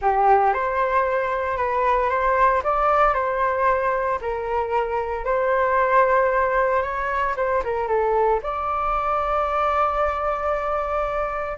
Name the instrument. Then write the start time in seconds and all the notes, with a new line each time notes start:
flute
0.01 G4
0.53 C5
1.57 B4
2.09 C5
2.63 D5
3.14 C5
4.21 A#4
5.25 C5
6.82 C#5
7.36 C5
7.63 A#4
7.87 A4
8.42 D5